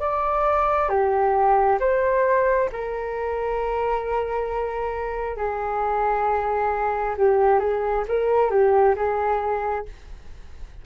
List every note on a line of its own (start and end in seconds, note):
0.00 0.89 D5
0.89 1.79 G4
1.80 2.69 C5
2.72 5.36 A#4
5.36 7.16 G#4
7.17 7.59 G4
7.59 8.04 G#4
8.08 8.51 A#4
8.51 8.96 G4
8.96 9.85 G#4